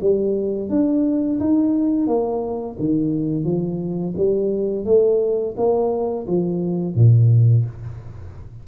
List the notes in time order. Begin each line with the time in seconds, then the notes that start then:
0.00 G3
0.69 D4
1.40 D#4
2.06 A#3
2.79 D#3
3.44 F3
4.17 G3
4.85 A3
5.57 A#3
6.26 F3
6.95 A#2